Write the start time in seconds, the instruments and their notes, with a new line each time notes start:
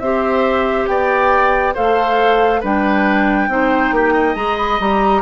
0.00 bassoon C4, clarinet G4, oboe C5, flute E5
0.87 bassoon B3, oboe D5, flute G5
1.74 bassoon A3, clarinet A4, oboe C5, flute F5
2.61 bassoon G3, clarinet D4, oboe B4, flute G5
3.48 bassoon C4, clarinet D#4, oboe C5
3.92 bassoon A#3, oboe G4
4.14 oboe D#5
4.35 bassoon G#3, clarinet G#4, flute A#5
4.57 flute B5
4.80 bassoon G3, clarinet G4, flute A#5